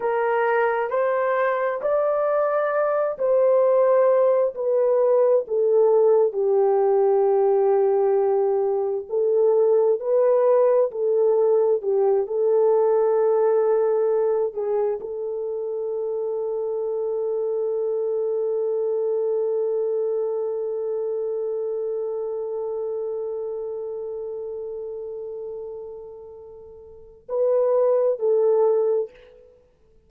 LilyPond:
\new Staff \with { instrumentName = "horn" } { \time 4/4 \tempo 4 = 66 ais'4 c''4 d''4. c''8~ | c''4 b'4 a'4 g'4~ | g'2 a'4 b'4 | a'4 g'8 a'2~ a'8 |
gis'8 a'2.~ a'8~ | a'1~ | a'1~ | a'2 b'4 a'4 | }